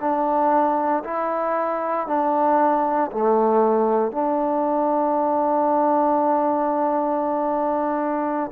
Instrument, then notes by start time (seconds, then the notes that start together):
trombone
0.00 D4
1.04 E4
2.07 D4
3.12 A3
4.12 D4